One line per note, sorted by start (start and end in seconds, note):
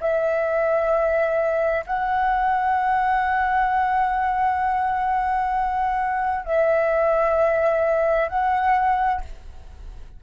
0.00 1.85 E5
1.86 6.45 F#5
6.45 8.29 E5
8.29 9.21 F#5